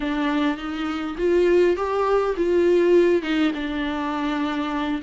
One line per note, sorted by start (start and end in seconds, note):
0.00 0.57 D4
0.57 1.16 D#4
1.17 1.76 F4
1.76 2.35 G4
2.37 3.22 F4
3.22 3.51 D#4
3.54 5.01 D4